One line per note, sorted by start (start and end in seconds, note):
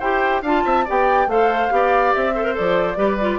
0.00 0.43 E4
0.00 0.45 G4
0.00 0.42 C5
0.00 0.43 G5
0.42 0.64 D4
0.42 0.87 F4
0.42 0.63 F5
0.42 0.89 A5
0.65 0.87 C4
0.65 0.85 E5
0.85 1.27 B3
0.85 1.29 G4
0.85 1.27 D5
0.85 1.30 G5
1.27 1.69 A3
1.27 1.70 A4
1.27 1.73 C5
1.27 2.14 F5
1.70 2.14 B3
1.70 2.33 G4
1.70 2.35 D5
2.14 2.59 C4
2.14 2.57 E5
2.35 2.44 A4
2.35 2.98 C5
2.44 2.54 A#4
2.54 2.96 A4
2.54 3.39 D5
2.60 2.97 F3
2.96 3.39 G3
2.96 3.17 G4
2.96 3.39 B4
3.21 3.39 F4